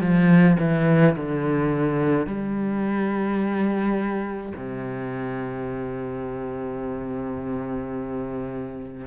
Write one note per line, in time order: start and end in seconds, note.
0.00 0.57 F3
0.59 1.15 E3
1.16 2.26 D3
2.26 4.52 G3
4.55 9.06 C3